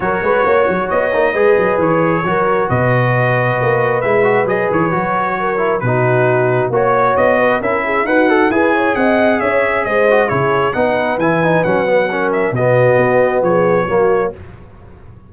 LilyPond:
<<
  \new Staff \with { instrumentName = "trumpet" } { \time 4/4 \tempo 4 = 134 cis''2 dis''2 | cis''2 dis''2~ | dis''4 e''4 dis''8 cis''4.~ | cis''4 b'2 cis''4 |
dis''4 e''4 fis''4 gis''4 | fis''4 e''4 dis''4 cis''4 | fis''4 gis''4 fis''4. e''8 | dis''2 cis''2 | }
  \new Staff \with { instrumentName = "horn" } { \time 4/4 ais'8 b'8 cis''2 b'4~ | b'4 ais'4 b'2~ | b'1 | ais'4 fis'2 cis''4~ |
cis''8 b'8 ais'8 gis'8 fis'4 b'8 cis''8 | dis''4 cis''4 c''4 gis'4 | b'2. ais'4 | fis'2 gis'4 fis'4 | }
  \new Staff \with { instrumentName = "trombone" } { \time 4/4 fis'2~ fis'8 dis'8 gis'4~ | gis'4 fis'2.~ | fis'4 e'8 fis'8 gis'4 fis'4~ | fis'8 e'8 dis'2 fis'4~ |
fis'4 e'4 b'8 a'8 gis'4~ | gis'2~ gis'8 fis'8 e'4 | dis'4 e'8 dis'8 cis'8 b8 cis'4 | b2. ais4 | }
  \new Staff \with { instrumentName = "tuba" } { \time 4/4 fis8 gis8 ais8 fis8 b8 ais8 gis8 fis8 | e4 fis4 b,2 | ais4 gis4 fis8 e8 fis4~ | fis4 b,2 ais4 |
b4 cis'4 dis'4 e'4 | c'4 cis'4 gis4 cis4 | b4 e4 fis2 | b,4 b4 f4 fis4 | }
>>